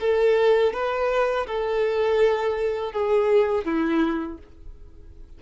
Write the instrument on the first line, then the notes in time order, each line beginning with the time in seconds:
violin
0.00 A4
0.73 B4
1.47 A4
2.92 G#4
3.65 E4